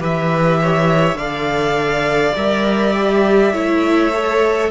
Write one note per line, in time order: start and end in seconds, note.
0.00 1.15 E3
0.00 1.18 G4
0.00 0.60 B4
0.00 1.17 E5
0.62 1.18 C#5
1.15 2.32 D3
1.15 2.36 A4
1.15 3.53 D5
1.15 2.35 F5
2.36 3.53 G3
2.36 2.93 A#4
2.36 4.71 E5
2.93 3.52 G4
3.53 4.71 A3
3.53 4.12 E4
3.53 4.71 C#5
4.14 4.71 A4